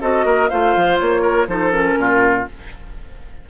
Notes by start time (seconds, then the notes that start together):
0.00 C4 F#4 A4 D#5
0.24 A#3 A#4
0.48 A3 F4 C5 F5
0.75 F3
0.98 A#3 C#5
1.21 A#4
1.47 F3 D#4 A4 C5
1.71 C#4 A#4
1.97 A#2 F4